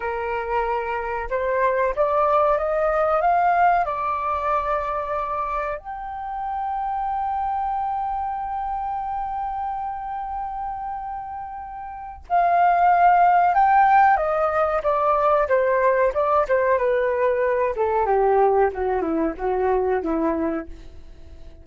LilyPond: \new Staff \with { instrumentName = "flute" } { \time 4/4 \tempo 4 = 93 ais'2 c''4 d''4 | dis''4 f''4 d''2~ | d''4 g''2.~ | g''1~ |
g''2. f''4~ | f''4 g''4 dis''4 d''4 | c''4 d''8 c''8 b'4. a'8 | g'4 fis'8 e'8 fis'4 e'4 | }